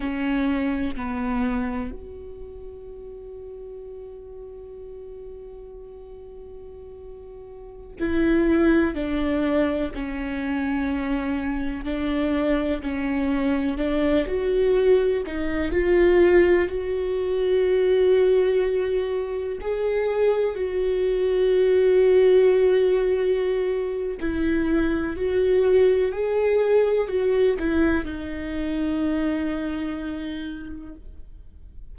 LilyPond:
\new Staff \with { instrumentName = "viola" } { \time 4/4 \tempo 4 = 62 cis'4 b4 fis'2~ | fis'1~ | fis'16 e'4 d'4 cis'4.~ cis'16~ | cis'16 d'4 cis'4 d'8 fis'4 dis'16~ |
dis'16 f'4 fis'2~ fis'8.~ | fis'16 gis'4 fis'2~ fis'8.~ | fis'4 e'4 fis'4 gis'4 | fis'8 e'8 dis'2. | }